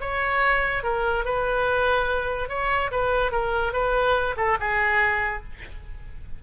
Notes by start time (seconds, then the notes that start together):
0.00 C#5
0.83 A#4
1.24 B4
2.48 C#5
2.91 B4
3.31 A#4
3.72 B4
4.36 A4
4.60 G#4